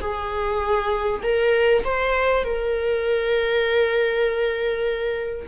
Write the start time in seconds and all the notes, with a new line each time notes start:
0.00 G#4
1.23 A#4
1.84 C5
2.44 A#4